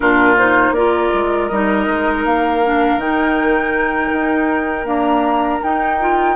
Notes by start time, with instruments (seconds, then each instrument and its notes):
0.00 bassoon A#2, clarinet D4, oboe F4, flute A#4
0.38 clarinet D#4, flute C5
0.71 bassoon A#3, clarinet F4, oboe A#4, flute D5
1.13 bassoon G#3
1.48 bassoon G3, clarinet D#4, flute D#5
1.87 bassoon G#3
2.25 bassoon A#3, flute F5
2.64 clarinet D4
2.96 bassoon D#3, clarinet D#4, flute G5
4.12 bassoon D#4
4.83 clarinet A#3, bassoon D4, flute A#5
5.63 bassoon D#4, clarinet D#4, flute G5
6.00 clarinet F4